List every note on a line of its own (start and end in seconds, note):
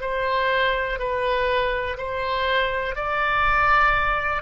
0.00 0.98 C5
0.98 1.97 B4
1.97 2.95 C5
2.95 4.42 D5